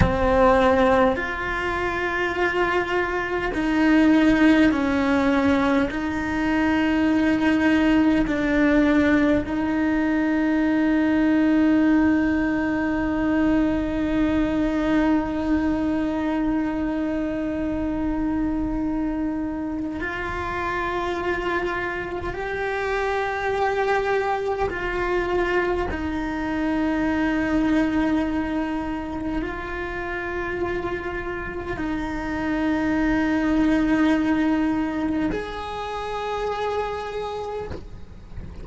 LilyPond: \new Staff \with { instrumentName = "cello" } { \time 4/4 \tempo 4 = 51 c'4 f'2 dis'4 | cis'4 dis'2 d'4 | dis'1~ | dis'1~ |
dis'4 f'2 g'4~ | g'4 f'4 dis'2~ | dis'4 f'2 dis'4~ | dis'2 gis'2 | }